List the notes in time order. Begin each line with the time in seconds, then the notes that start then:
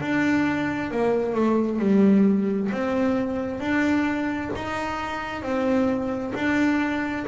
0.00 D4
0.90 A#3
1.34 A3
1.79 G3
2.71 C4
3.60 D4
4.55 D#4
5.42 C4
6.34 D4